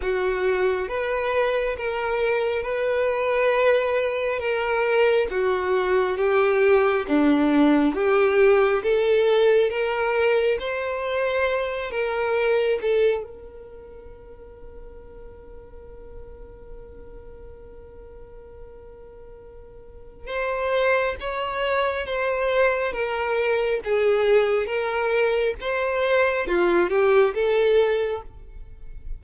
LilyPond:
\new Staff \with { instrumentName = "violin" } { \time 4/4 \tempo 4 = 68 fis'4 b'4 ais'4 b'4~ | b'4 ais'4 fis'4 g'4 | d'4 g'4 a'4 ais'4 | c''4. ais'4 a'8 ais'4~ |
ais'1~ | ais'2. c''4 | cis''4 c''4 ais'4 gis'4 | ais'4 c''4 f'8 g'8 a'4 | }